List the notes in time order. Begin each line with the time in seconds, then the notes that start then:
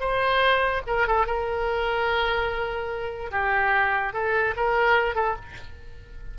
0.00 C5
0.87 A#4
1.07 A4
1.27 A#4
3.31 G4
4.13 A4
4.57 A#4
5.15 A4